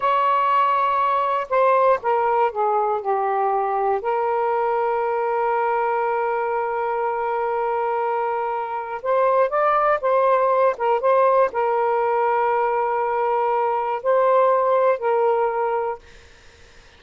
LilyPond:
\new Staff \with { instrumentName = "saxophone" } { \time 4/4 \tempo 4 = 120 cis''2. c''4 | ais'4 gis'4 g'2 | ais'1~ | ais'1~ |
ais'2 c''4 d''4 | c''4. ais'8 c''4 ais'4~ | ais'1 | c''2 ais'2 | }